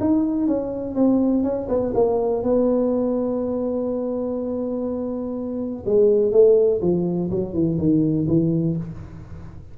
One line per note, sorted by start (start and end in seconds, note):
0.00 0.47 D#4
0.47 0.95 C#4
0.95 1.43 C4
1.43 1.68 C#4
1.69 1.93 B3
1.94 2.43 A#3
2.43 5.84 B3
5.86 6.32 G#3
6.32 6.81 A3
6.81 7.30 F3
7.30 7.53 F#3
7.53 7.78 E3
7.78 8.27 D#3
8.28 8.76 E3